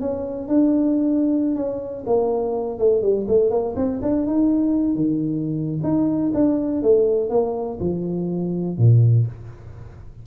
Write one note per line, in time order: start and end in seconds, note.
0.00 0.48 C#4
0.48 1.55 D4
1.55 2.04 C#4
2.06 2.78 A#3
2.78 3.02 A3
3.02 3.26 G3
3.27 3.50 A3
3.50 3.74 A#3
3.76 4.00 C4
4.02 4.26 D4
4.26 4.95 D#4
4.95 5.80 D#3
5.83 6.31 D#4
6.34 6.82 D4
6.82 7.29 A3
7.29 7.78 A#3
7.80 8.77 F3
8.77 9.26 A#2